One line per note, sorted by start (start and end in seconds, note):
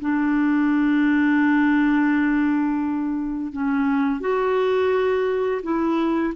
0.00 3.52 D4
3.52 4.20 C#4
4.20 5.61 F#4
5.62 6.33 E4